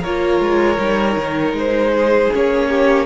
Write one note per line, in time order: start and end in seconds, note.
0.00 0.40 A#3
0.00 0.77 F4
0.00 1.90 A#4
0.00 1.55 C#5
0.40 0.78 G#3
0.77 1.16 G3
0.77 2.29 D#4
1.17 1.53 D#3
1.53 2.28 G#3
1.53 2.33 C5
1.93 2.69 G#4
2.33 3.06 A#3
2.33 3.06 C#4
2.33 3.06 C#5
2.69 3.06 G4